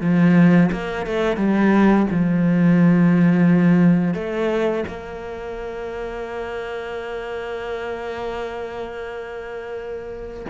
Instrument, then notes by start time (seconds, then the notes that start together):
cello
0.00 F3
0.71 A#3
1.06 A3
1.36 G3
2.10 F3
4.14 A3
4.87 A#3